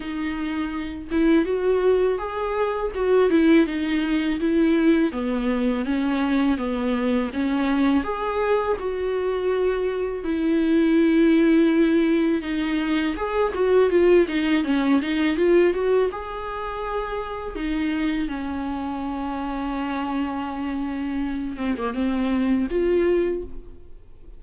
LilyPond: \new Staff \with { instrumentName = "viola" } { \time 4/4 \tempo 4 = 82 dis'4. e'8 fis'4 gis'4 | fis'8 e'8 dis'4 e'4 b4 | cis'4 b4 cis'4 gis'4 | fis'2 e'2~ |
e'4 dis'4 gis'8 fis'8 f'8 dis'8 | cis'8 dis'8 f'8 fis'8 gis'2 | dis'4 cis'2.~ | cis'4. c'16 ais16 c'4 f'4 | }